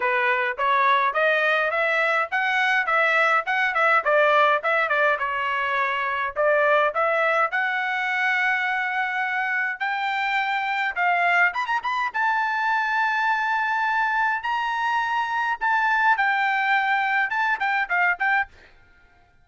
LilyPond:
\new Staff \with { instrumentName = "trumpet" } { \time 4/4 \tempo 4 = 104 b'4 cis''4 dis''4 e''4 | fis''4 e''4 fis''8 e''8 d''4 | e''8 d''8 cis''2 d''4 | e''4 fis''2.~ |
fis''4 g''2 f''4 | b''16 ais''16 b''8 a''2.~ | a''4 ais''2 a''4 | g''2 a''8 g''8 f''8 g''8 | }